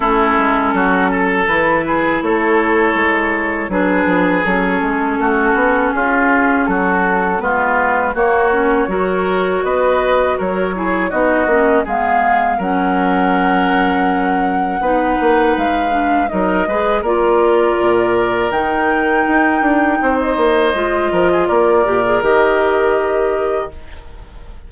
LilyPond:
<<
  \new Staff \with { instrumentName = "flute" } { \time 4/4 \tempo 4 = 81 a'2 b'4 cis''4~ | cis''4 b'4 a'2 | gis'4 a'4 b'4 cis''4~ | cis''4 dis''4 cis''4 dis''4 |
f''4 fis''2.~ | fis''4 f''4 dis''4 d''4~ | d''4 g''2~ g''16 dis''8.~ | dis''4 d''4 dis''2 | }
  \new Staff \with { instrumentName = "oboe" } { \time 4/4 e'4 fis'8 a'4 gis'8 a'4~ | a'4 gis'2 fis'4 | f'4 fis'4 f'4 fis'4 | ais'4 b'4 ais'8 gis'8 fis'4 |
gis'4 ais'2. | b'2 ais'8 b'8 ais'4~ | ais'2. c''4~ | c''8 ais'16 gis'16 ais'2. | }
  \new Staff \with { instrumentName = "clarinet" } { \time 4/4 cis'2 e'2~ | e'4 d'4 cis'2~ | cis'2 b4 ais8 cis'8 | fis'2~ fis'8 e'8 dis'8 cis'8 |
b4 cis'2. | dis'4. d'8 dis'8 gis'8 f'4~ | f'4 dis'2. | f'4. g'16 gis'16 g'2 | }
  \new Staff \with { instrumentName = "bassoon" } { \time 4/4 a8 gis8 fis4 e4 a4 | gis4 fis8 f8 fis8 gis8 a8 b8 | cis'4 fis4 gis4 ais4 | fis4 b4 fis4 b8 ais8 |
gis4 fis2. | b8 ais8 gis4 fis8 gis8 ais4 | ais,4 dis4 dis'8 d'8 c'8 ais8 | gis8 f8 ais8 ais,8 dis2 | }
>>